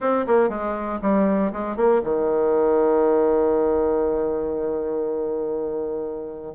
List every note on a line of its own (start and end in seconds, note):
0.00 0.26 C4
0.26 0.49 A#3
0.49 0.99 G#3
1.01 1.51 G3
1.52 1.76 G#3
1.76 2.01 A#3
2.03 6.55 D#3